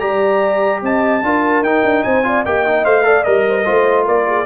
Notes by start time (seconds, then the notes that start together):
0.00 G3 G4 D5 A#5
0.82 C4 D#5 A5
1.23 D4 F4 A#4
1.62 D#4 G5
1.84 D4
2.04 C4 C5 G#5
2.24 F4 D5
2.46 A#3 G4 D#5 G5
2.67 D#4
2.85 A3 C5 F5
3.03 A4 D5
3.24 G3 A#4 D#5
3.49 C5
3.58 A#4
3.65 A3 F4 C5
4.06 A#3 A#4 D5
4.27 G#4